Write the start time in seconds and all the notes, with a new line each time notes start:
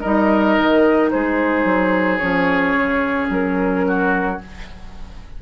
0.00 G3 D#4 A#4 D#5
0.58 D#3
1.10 G#3 G#4 C5
1.64 F#3
2.18 F3 C#4 C#5
2.75 C#3
3.29 F#3 A#4
3.87 F#4